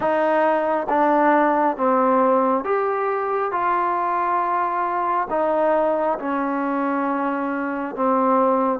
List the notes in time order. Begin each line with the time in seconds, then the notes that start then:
0.00 D#4
0.89 D4
1.76 C4
2.64 G4
3.51 F4
5.29 D#4
6.18 C#4
7.95 C4